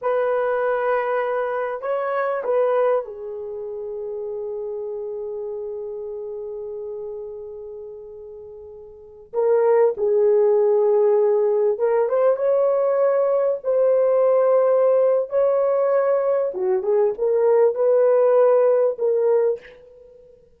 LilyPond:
\new Staff \with { instrumentName = "horn" } { \time 4/4 \tempo 4 = 98 b'2. cis''4 | b'4 gis'2.~ | gis'1~ | gis'2.~ gis'16 ais'8.~ |
ais'16 gis'2. ais'8 c''16~ | c''16 cis''2 c''4.~ c''16~ | c''4 cis''2 fis'8 gis'8 | ais'4 b'2 ais'4 | }